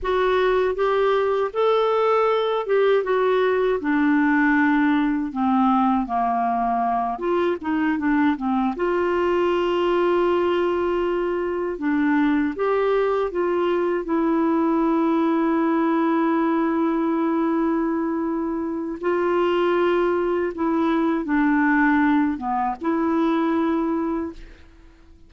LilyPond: \new Staff \with { instrumentName = "clarinet" } { \time 4/4 \tempo 4 = 79 fis'4 g'4 a'4. g'8 | fis'4 d'2 c'4 | ais4. f'8 dis'8 d'8 c'8 f'8~ | f'2.~ f'8 d'8~ |
d'8 g'4 f'4 e'4.~ | e'1~ | e'4 f'2 e'4 | d'4. b8 e'2 | }